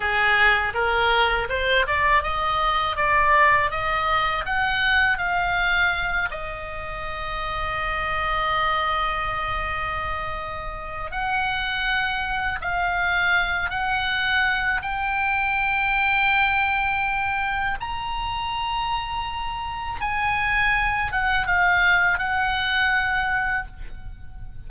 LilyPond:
\new Staff \with { instrumentName = "oboe" } { \time 4/4 \tempo 4 = 81 gis'4 ais'4 c''8 d''8 dis''4 | d''4 dis''4 fis''4 f''4~ | f''8 dis''2.~ dis''8~ | dis''2. fis''4~ |
fis''4 f''4. fis''4. | g''1 | ais''2. gis''4~ | gis''8 fis''8 f''4 fis''2 | }